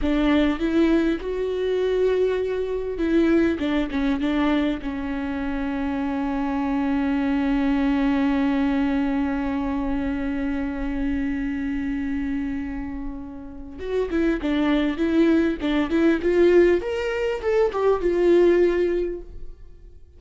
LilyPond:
\new Staff \with { instrumentName = "viola" } { \time 4/4 \tempo 4 = 100 d'4 e'4 fis'2~ | fis'4 e'4 d'8 cis'8 d'4 | cis'1~ | cis'1~ |
cis'1~ | cis'2. fis'8 e'8 | d'4 e'4 d'8 e'8 f'4 | ais'4 a'8 g'8 f'2 | }